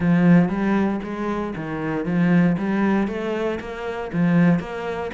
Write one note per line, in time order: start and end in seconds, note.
0.00 0.48 F3
0.48 1.00 G3
1.03 1.54 G#3
1.55 2.05 D#3
2.05 2.56 F3
2.58 3.07 G3
3.07 3.59 A3
3.59 4.11 A#3
4.12 4.59 F3
4.59 5.10 A#3